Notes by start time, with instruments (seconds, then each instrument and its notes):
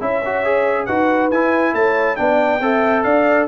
0.00 tuba C#4, trombone E4, horn C#5, trumpet E5
0.25 trombone F#4
0.44 trombone G#4
0.86 tuba D#4, trombone F#4, horn B4, trumpet F#5
1.31 tuba E4, trombone E4, trumpet G#5
1.73 tuba A3, horn C#5, trumpet A5
2.16 tuba B3, trombone D4, horn D5, trumpet G5
2.60 tuba C4, trombone A4, horn E5
3.03 tuba D4, horn D5, trumpet F5